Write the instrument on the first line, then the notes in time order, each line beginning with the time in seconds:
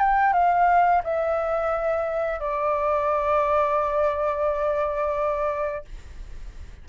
flute
0.00 G5
0.34 F5
1.04 E5
2.40 D5